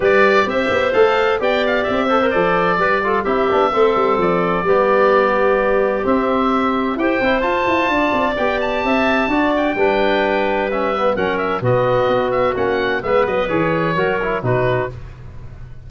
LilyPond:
<<
  \new Staff \with { instrumentName = "oboe" } { \time 4/4 \tempo 4 = 129 d''4 e''4 f''4 g''8 f''8 | e''4 d''2 e''4~ | e''4 d''2.~ | d''4 e''2 g''4 |
a''2 g''8 a''4.~ | a''8 g''2~ g''8 e''4 | fis''8 e''8 dis''4. e''8 fis''4 | e''8 dis''8 cis''2 b'4 | }
  \new Staff \with { instrumentName = "clarinet" } { \time 4/4 b'4 c''2 d''4~ | d''8 c''4. b'8 a'8 g'4 | a'2 g'2~ | g'2. c''4~ |
c''4 d''2 e''4 | d''4 b'2. | ais'4 fis'2. | b'2 ais'4 fis'4 | }
  \new Staff \with { instrumentName = "trombone" } { \time 4/4 g'2 a'4 g'4~ | g'8 a'16 ais'16 a'4 g'8 f'8 e'8 d'8 | c'2 b2~ | b4 c'2 g'8 e'8 |
f'2 g'2 | fis'4 d'2 cis'8 b8 | cis'4 b2 cis'4 | b4 gis'4 fis'8 e'8 dis'4 | }
  \new Staff \with { instrumentName = "tuba" } { \time 4/4 g4 c'8 b8 a4 b4 | c'4 f4 g4 c'8 b8 | a8 g8 f4 g2~ | g4 c'2 e'8 c'8 |
f'8 e'8 d'8 c'8 b4 c'4 | d'4 g2. | fis4 b,4 b4 ais4 | gis8 fis8 e4 fis4 b,4 | }
>>